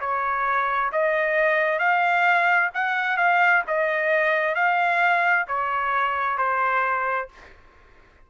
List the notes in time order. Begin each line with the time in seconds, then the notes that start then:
0.00 C#5
0.92 D#5
1.79 F5
2.74 F#5
3.17 F5
3.67 D#5
4.55 F5
5.47 C#5
6.37 C5